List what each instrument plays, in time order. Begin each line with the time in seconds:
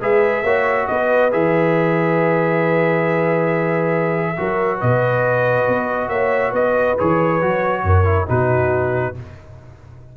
0.00 tuba G#3, trombone G#4, horn B4, trumpet E5
0.43 tuba A#3, trombone F#4, horn C#5
0.87 tuba B3, horn B4, trumpet D#5
1.31 tuba E3, trombone G#4, trumpet E5
4.37 tuba F#3, trombone F#4, horn A#4
4.77 tuba B2, horn B4, trumpet D#5
5.68 tuba B3
6.09 tuba A#3, horn C#5, trumpet E5
6.52 tuba B3, horn B4, trumpet D#5
6.99 tuba E3, trombone G#4, trumpet C#5
7.42 tuba F#3, trombone F#4
7.83 tuba F#2, horn A#4
8.04 trombone E4
8.27 tuba B2, trombone D#4, horn F#4, trumpet B4